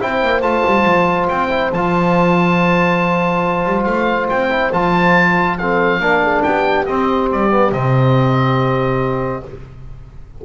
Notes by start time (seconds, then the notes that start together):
0.00 C4 E4 C5 G5
0.22 A#3
0.41 A3 F4 A5
0.66 G3
0.85 F3
1.28 C4 G5
1.49 E4
1.72 F3 F4 A5
3.65 G3
3.84 A3 F5
4.29 C4 G5
4.49 E4
4.72 F3 F4 A5
5.58 C4 A4 F5
5.99 A#3 D4 A#4
6.22 G#4
6.42 B3 G4 G5
6.85 C4 D#5
7.31 G3 D5
7.50 B3
7.72 C3 C4 D#5